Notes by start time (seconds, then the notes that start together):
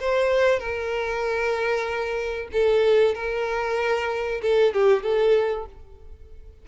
0.00 C5
0.59 A#4
2.52 A4
3.15 A#4
4.42 A4
4.74 G4
5.03 A4